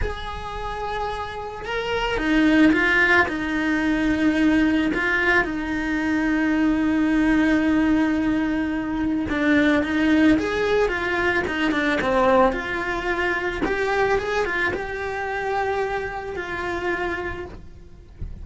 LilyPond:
\new Staff \with { instrumentName = "cello" } { \time 4/4 \tempo 4 = 110 gis'2. ais'4 | dis'4 f'4 dis'2~ | dis'4 f'4 dis'2~ | dis'1~ |
dis'4 d'4 dis'4 gis'4 | f'4 dis'8 d'8 c'4 f'4~ | f'4 g'4 gis'8 f'8 g'4~ | g'2 f'2 | }